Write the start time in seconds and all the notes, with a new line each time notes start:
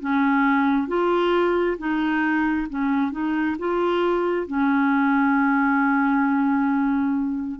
0.00 C#4
0.88 F4
1.78 D#4
2.69 C#4
3.12 D#4
3.59 F4
4.47 C#4